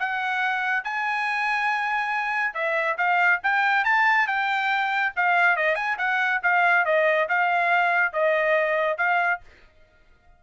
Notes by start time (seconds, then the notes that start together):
0.00 F#5
0.85 G#5
2.54 E5
2.98 F5
3.43 G5
3.85 A5
4.28 G5
5.16 F5
5.57 D#5
5.76 G#5
5.98 F#5
6.43 F5
6.86 D#5
7.29 F5
8.14 D#5
8.98 F5